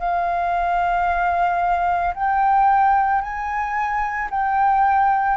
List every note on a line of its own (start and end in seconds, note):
0.00 2.14 F5
2.15 3.22 G5
3.22 4.29 G#5
4.31 5.37 G5